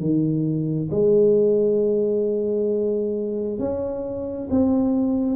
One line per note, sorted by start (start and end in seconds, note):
0.00 0.90 D#3
0.91 3.59 G#3
3.59 4.48 C#4
4.51 5.36 C4